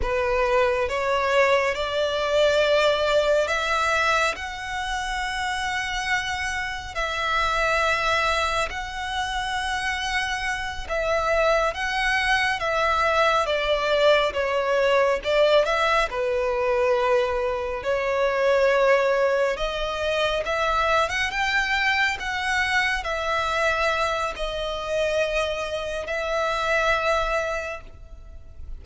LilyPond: \new Staff \with { instrumentName = "violin" } { \time 4/4 \tempo 4 = 69 b'4 cis''4 d''2 | e''4 fis''2. | e''2 fis''2~ | fis''8 e''4 fis''4 e''4 d''8~ |
d''8 cis''4 d''8 e''8 b'4.~ | b'8 cis''2 dis''4 e''8~ | e''16 fis''16 g''4 fis''4 e''4. | dis''2 e''2 | }